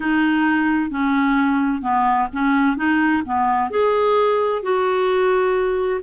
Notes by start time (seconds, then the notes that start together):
0.00 D#4
0.90 C#4
1.82 B3
2.32 C#4
2.77 D#4
3.25 B3
3.70 G#4
4.62 F#4